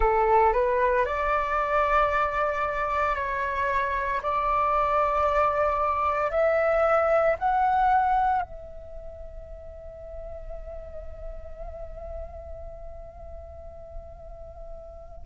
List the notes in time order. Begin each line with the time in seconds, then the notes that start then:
0.00 A4
0.53 B4
1.05 D5
3.15 C#5
4.22 D5
6.31 E5
7.38 F#5
8.42 E5